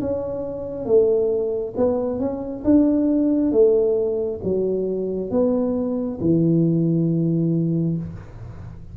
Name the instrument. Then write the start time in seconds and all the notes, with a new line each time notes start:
tuba
0.00 C#4
0.85 A3
1.76 B3
2.19 C#4
2.64 D4
3.51 A3
4.43 F#3
5.30 B3
6.20 E3